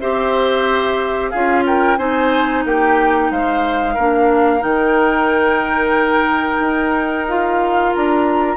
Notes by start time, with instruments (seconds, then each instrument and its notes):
0.00 bassoon C4, clarinet G4, oboe C5, flute E5
1.30 bassoon C#4, clarinet F4, oboe G#4, flute F5
1.66 oboe A#4, flute G5
1.97 bassoon C4, clarinet D#4, oboe C5, flute G#5
2.65 bassoon A#3, oboe G4, flute G5
3.31 bassoon G#3, oboe C5, flute F5
3.94 bassoon A#3, clarinet D4, oboe A#4
4.60 bassoon D#3, clarinet D#4, flute G5
6.59 bassoon D#4
7.28 clarinet F4, flute F5
7.94 bassoon D4, flute A#5